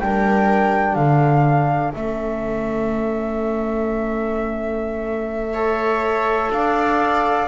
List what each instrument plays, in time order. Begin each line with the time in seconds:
0.00 double bass G3, trombone D4, viola A#4, flute G5
0.95 double bass D3, viola A4, flute F5
1.94 double bass A3, trombone C#4, flute E5
5.53 trombone A4, viola C#5
6.50 double bass D4, viola D5, flute F5